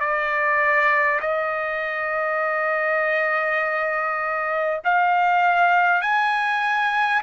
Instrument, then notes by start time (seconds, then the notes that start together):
trumpet
0.00 D5
1.21 D#5
4.84 F5
6.02 G#5